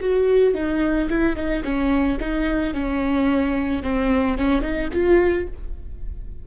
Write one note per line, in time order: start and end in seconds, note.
0.00 0.54 F#4
0.54 1.09 D#4
1.09 1.36 E4
1.36 1.63 D#4
1.64 2.18 C#4
2.20 2.73 D#4
2.73 3.82 C#4
3.83 4.37 C4
4.37 4.61 C#4
4.61 4.88 D#4
4.92 5.47 F4